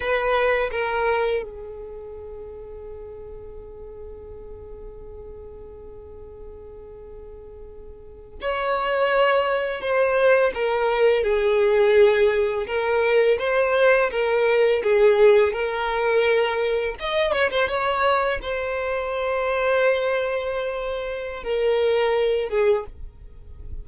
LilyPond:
\new Staff \with { instrumentName = "violin" } { \time 4/4 \tempo 4 = 84 b'4 ais'4 gis'2~ | gis'1~ | gis'2.~ gis'8. cis''16~ | cis''4.~ cis''16 c''4 ais'4 gis'16~ |
gis'4.~ gis'16 ais'4 c''4 ais'16~ | ais'8. gis'4 ais'2 dis''16~ | dis''16 cis''16 c''16 cis''4 c''2~ c''16~ | c''2 ais'4. gis'8 | }